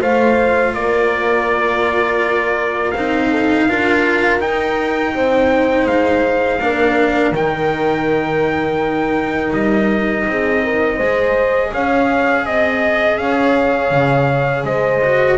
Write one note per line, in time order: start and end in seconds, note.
0.00 0.73 A3
0.00 2.93 F4
0.00 0.73 C5
0.00 0.74 F5
0.73 2.93 A#3
0.73 3.29 A#4
0.73 2.91 D5
2.91 3.67 C4
2.91 3.69 D#4
2.91 4.37 F5
3.29 3.66 A4
3.68 4.40 D4
3.68 4.39 F4
3.68 5.14 A#4
4.39 6.59 D#4
4.39 5.14 D#4
4.39 5.86 G5
5.14 5.86 C4
5.14 6.61 C5
5.86 6.59 G#3
5.86 7.33 F5
6.59 7.32 A#3
6.59 7.34 D4
6.59 10.27 A#4
7.32 9.51 D#3
7.32 11.00 D#4
7.32 9.53 G5
9.52 10.26 G3
9.52 11.72 D#5
10.27 10.99 C4
10.27 10.63 G#4
10.63 10.96 A#4
10.96 11.72 G#3
10.96 15.02 G#4
10.96 11.69 C5
11.71 12.45 C#4
11.71 12.45 C#5
11.71 12.45 F5
12.45 13.17 C4
12.45 13.17 D#5
12.45 13.20 D#5
13.17 13.90 C#4
13.17 14.65 C#5
13.17 14.64 F5
13.90 14.63 C#3
14.63 15.37 G#3
14.63 15.37 C5
14.63 15.37 D#5
15.04 15.37 F#4